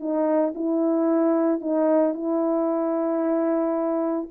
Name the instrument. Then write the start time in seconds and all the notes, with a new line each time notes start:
horn
0.00 D#4
0.55 E4
1.61 D#4
2.14 E4